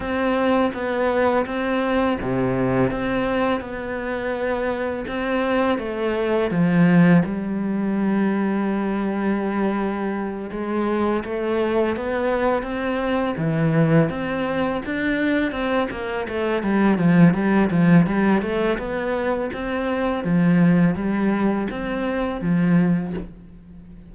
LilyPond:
\new Staff \with { instrumentName = "cello" } { \time 4/4 \tempo 4 = 83 c'4 b4 c'4 c4 | c'4 b2 c'4 | a4 f4 g2~ | g2~ g8 gis4 a8~ |
a8 b4 c'4 e4 c'8~ | c'8 d'4 c'8 ais8 a8 g8 f8 | g8 f8 g8 a8 b4 c'4 | f4 g4 c'4 f4 | }